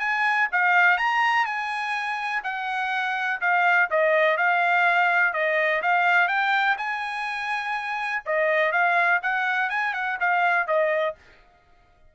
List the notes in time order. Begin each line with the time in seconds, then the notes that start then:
0.00 G#5
0.53 F5
0.98 A#5
1.46 G#5
2.44 F#5
3.41 F5
3.91 D#5
4.38 F5
5.34 D#5
5.82 F5
6.28 G5
6.78 G#5
8.26 D#5
8.73 F5
9.23 F#5
9.70 G#5
9.94 F#5
10.21 F5
10.68 D#5